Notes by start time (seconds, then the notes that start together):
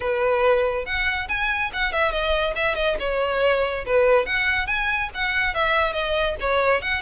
0.00 B4
0.85 F#5
1.28 G#5
1.73 F#5
1.92 E5
2.11 D#5
2.55 E5
2.75 D#5
2.99 C#5
3.86 B4
4.26 F#5
4.67 G#5
5.14 F#5
5.54 E5
5.93 D#5
6.40 C#5
6.81 F#5